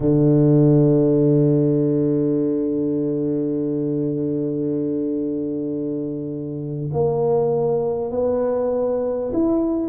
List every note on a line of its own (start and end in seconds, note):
0.00 6.90 D3
6.93 8.11 A#3
8.11 9.31 B3
9.33 9.89 E4